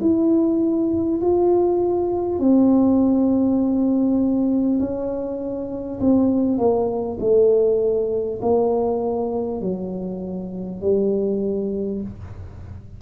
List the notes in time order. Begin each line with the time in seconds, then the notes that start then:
0.00 E4
1.21 F4
2.38 C4
4.79 C#4
6.00 C4
6.58 A#3
7.19 A3
8.41 A#3
9.61 F#3
10.81 G3